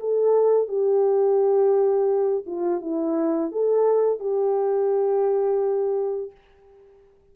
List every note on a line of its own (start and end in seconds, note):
0.00 0.68 A4
0.68 2.44 G4
2.46 2.81 F4
2.81 3.51 E4
3.51 4.19 A4
4.19 6.31 G4